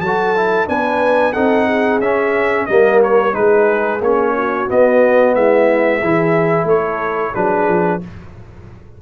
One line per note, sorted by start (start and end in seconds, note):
0.00 0.67 F#3
0.00 0.36 F#4
0.00 0.68 A4
0.00 0.67 A5
0.36 0.66 E4
0.66 1.35 B3
0.66 1.33 D4
0.66 1.33 B4
0.66 1.33 G#5
1.33 2.00 C4
1.33 2.01 D#4
1.33 1.66 A4
1.33 1.99 F#5
1.66 2.66 G#4
2.00 2.66 C#4
2.00 2.69 C#4
2.00 2.66 E5
2.66 3.35 G3
2.66 3.32 A#3
2.66 3.33 A#4
2.66 2.99 D#5
3.03 3.34 C#5
3.32 4.00 G#3
3.32 3.99 D#4
3.32 4.33 G#4
3.32 4.01 B4
4.00 4.67 A#3
4.00 4.67 C#4
4.00 4.69 C#5
4.36 5.35 F#4
4.67 6.00 B3
4.67 5.35 B3
4.67 5.35 D#5
5.35 6.02 G#3
5.35 5.99 E4
5.35 6.68 E5
5.99 6.64 E3
5.99 7.34 E4
5.99 6.66 G#4
6.64 7.31 A3
6.64 7.33 A4
6.64 7.34 C#5
7.34 7.68 F#3
7.34 8.00 D4
7.34 8.01 G#4
7.34 8.01 B4
7.68 8.01 F3